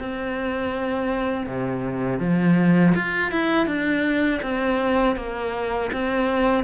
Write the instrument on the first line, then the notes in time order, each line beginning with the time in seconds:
cello
0.00 C4
1.47 C3
2.20 F3
2.95 F4
3.32 E4
3.67 D4
4.43 C4
5.17 A#3
5.93 C4